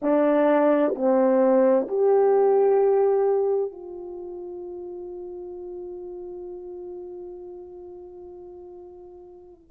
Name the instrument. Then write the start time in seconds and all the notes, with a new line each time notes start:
horn
0.02 D4
0.95 C4
1.88 G4
3.71 F4